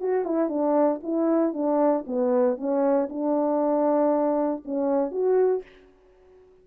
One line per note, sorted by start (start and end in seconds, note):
0.00 0.24 F#4
0.24 0.49 E4
0.49 1.00 D4
1.03 1.53 E4
1.53 2.04 D4
2.06 2.57 B3
2.57 3.08 C#4
3.09 4.63 D4
4.65 5.11 C#4
5.11 5.62 F#4